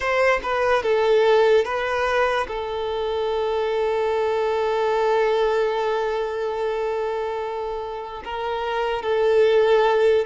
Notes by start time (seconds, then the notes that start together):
0.00 C5
0.43 B4
0.82 A4
1.64 B4
2.47 A4
8.24 A#4
9.02 A4